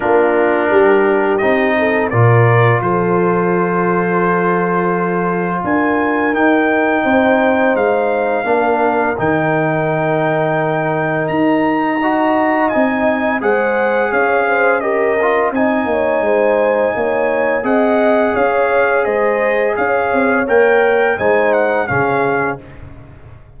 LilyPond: <<
  \new Staff \with { instrumentName = "trumpet" } { \time 4/4 \tempo 4 = 85 ais'2 dis''4 d''4 | c''1 | gis''4 g''2 f''4~ | f''4 g''2. |
ais''2 gis''4 fis''4 | f''4 dis''4 gis''2~ | gis''4 fis''4 f''4 dis''4 | f''4 g''4 gis''8 fis''8 f''4 | }
  \new Staff \with { instrumentName = "horn" } { \time 4/4 f'4 g'4. a'8 ais'4 | a'1 | ais'2 c''2 | ais'1~ |
ais'4 dis''2 c''4 | cis''8 c''8 ais'4 dis''8 cis''8 c''4 | cis''4 dis''4 cis''4 c''4 | cis''2 c''4 gis'4 | }
  \new Staff \with { instrumentName = "trombone" } { \time 4/4 d'2 dis'4 f'4~ | f'1~ | f'4 dis'2. | d'4 dis'2.~ |
dis'4 fis'4 dis'4 gis'4~ | gis'4 g'8 f'8 dis'2~ | dis'4 gis'2.~ | gis'4 ais'4 dis'4 cis'4 | }
  \new Staff \with { instrumentName = "tuba" } { \time 4/4 ais4 g4 c'4 ais,4 | f1 | d'4 dis'4 c'4 gis4 | ais4 dis2. |
dis'2 c'4 gis4 | cis'2 c'8 ais8 gis4 | ais4 c'4 cis'4 gis4 | cis'8 c'8 ais4 gis4 cis4 | }
>>